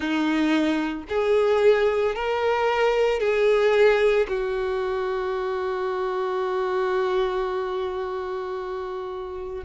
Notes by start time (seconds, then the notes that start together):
0.00 D#4
1.09 G#4
2.15 A#4
3.19 G#4
4.28 F#4